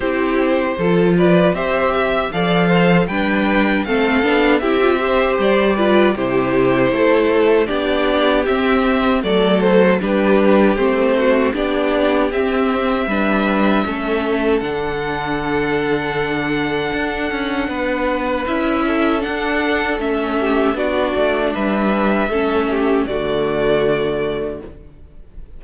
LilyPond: <<
  \new Staff \with { instrumentName = "violin" } { \time 4/4 \tempo 4 = 78 c''4. d''8 e''4 f''4 | g''4 f''4 e''4 d''4 | c''2 d''4 e''4 | d''8 c''8 b'4 c''4 d''4 |
e''2. fis''4~ | fis''1 | e''4 fis''4 e''4 d''4 | e''2 d''2 | }
  \new Staff \with { instrumentName = "violin" } { \time 4/4 g'4 a'8 b'8 c''8 e''8 d''8 c''8 | b'4 a'4 g'8 c''4 b'8 | g'4 a'4 g'2 | a'4 g'4. fis'8 g'4~ |
g'4 b'4 a'2~ | a'2. b'4~ | b'8 a'2 g'8 fis'4 | b'4 a'8 g'8 fis'2 | }
  \new Staff \with { instrumentName = "viola" } { \time 4/4 e'4 f'4 g'4 a'4 | d'4 c'8 d'8 e'16 f'16 g'4 f'8 | e'2 d'4 c'4 | a4 d'4 c'4 d'4 |
c'4 d'4 cis'4 d'4~ | d'1 | e'4 d'4 cis'4 d'4~ | d'4 cis'4 a2 | }
  \new Staff \with { instrumentName = "cello" } { \time 4/4 c'4 f4 c'4 f4 | g4 a8 b8 c'4 g4 | c4 a4 b4 c'4 | fis4 g4 a4 b4 |
c'4 g4 a4 d4~ | d2 d'8 cis'8 b4 | cis'4 d'4 a4 b8 a8 | g4 a4 d2 | }
>>